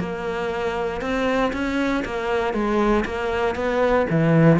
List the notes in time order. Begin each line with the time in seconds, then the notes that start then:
0.00 A#3
1.02 C4
1.53 C#4
2.05 A#3
2.54 G#3
3.06 A#3
3.56 B3
4.10 E3